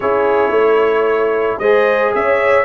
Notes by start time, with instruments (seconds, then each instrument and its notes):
0.00 tuba C#4, trombone E4, horn G#4, trumpet C#5
0.50 tuba A3, horn C#5
1.58 tuba G#3, trombone G#4, horn C5, trumpet D#5
2.14 tuba C#4, horn C#5, trumpet E5